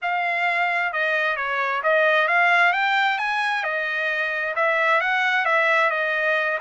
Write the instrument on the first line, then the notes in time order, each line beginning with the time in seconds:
trumpet
0.02 F5
0.93 D#5
1.36 C#5
1.83 D#5
2.28 F5
2.73 G5
3.18 G#5
3.63 D#5
4.55 E5
5.00 F#5
5.45 E5
5.90 D#5